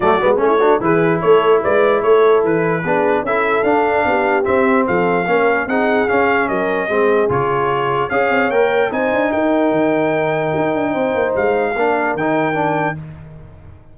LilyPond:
<<
  \new Staff \with { instrumentName = "trumpet" } { \time 4/4 \tempo 4 = 148 d''4 cis''4 b'4 cis''4 | d''4 cis''4 b'2 | e''4 f''2 e''4 | f''2 fis''4 f''4 |
dis''2 cis''2 | f''4 g''4 gis''4 g''4~ | g''1 | f''2 g''2 | }
  \new Staff \with { instrumentName = "horn" } { \time 4/4 fis'4 e'8 fis'8 gis'4 a'4 | b'4 a'2 gis'4 | a'2 g'2 | a'4 ais'4 gis'2 |
ais'4 gis'2. | cis''2 c''4 ais'4~ | ais'2. c''4~ | c''4 ais'2. | }
  \new Staff \with { instrumentName = "trombone" } { \time 4/4 a8 b8 cis'8 d'8 e'2~ | e'2. d'4 | e'4 d'2 c'4~ | c'4 cis'4 dis'4 cis'4~ |
cis'4 c'4 f'2 | gis'4 ais'4 dis'2~ | dis'1~ | dis'4 d'4 dis'4 d'4 | }
  \new Staff \with { instrumentName = "tuba" } { \time 4/4 fis8 gis8 a4 e4 a4 | gis4 a4 e4 b4 | cis'4 d'4 b4 c'4 | f4 ais4 c'4 cis'4 |
fis4 gis4 cis2 | cis'8 c'8 ais4 c'8 d'8 dis'4 | dis2 dis'8 d'8 c'8 ais8 | gis4 ais4 dis2 | }
>>